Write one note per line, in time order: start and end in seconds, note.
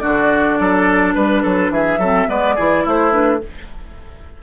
0.00 0.60 D3
0.00 1.99 D4
0.00 0.59 F#4
0.00 1.13 D5
0.60 1.16 F#3
0.60 1.15 A4
1.15 1.44 G3
1.15 1.43 B4
1.15 1.73 B4
1.43 1.70 F#3
1.43 1.71 A4
1.70 1.99 E3
1.70 2.00 G#4
1.70 2.30 E5
1.99 2.27 F#3
1.99 2.28 C4
1.99 2.28 A4
2.28 2.58 G#3
2.28 2.56 B3
2.28 2.56 B4
2.28 2.86 D5
2.56 2.86 E3
2.56 3.11 E4
2.56 2.84 G#4
2.84 3.43 A3
2.84 3.41 E4
2.84 3.13 C5
3.11 3.40 D4
3.11 3.41 B4